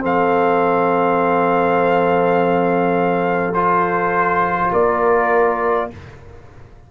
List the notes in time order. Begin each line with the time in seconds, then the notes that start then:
0.00 F3 C4 A4 F5
3.54 F4 C5
4.71 A#3 A#4 D5